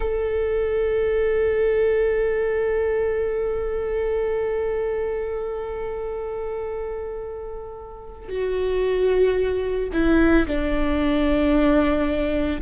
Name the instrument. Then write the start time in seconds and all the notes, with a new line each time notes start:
viola
0.00 A4
8.28 F#4
9.93 E4
10.47 D4